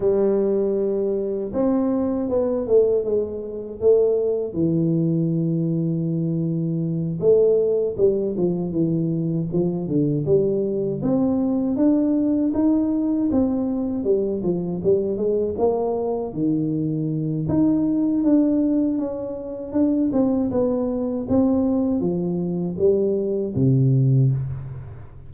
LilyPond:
\new Staff \with { instrumentName = "tuba" } { \time 4/4 \tempo 4 = 79 g2 c'4 b8 a8 | gis4 a4 e2~ | e4. a4 g8 f8 e8~ | e8 f8 d8 g4 c'4 d'8~ |
d'8 dis'4 c'4 g8 f8 g8 | gis8 ais4 dis4. dis'4 | d'4 cis'4 d'8 c'8 b4 | c'4 f4 g4 c4 | }